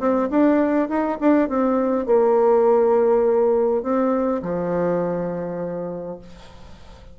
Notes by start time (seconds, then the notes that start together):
0.00 C4
0.31 D4
0.89 D#4
1.21 D4
1.49 C4
2.07 A#3
3.83 C4
4.43 F3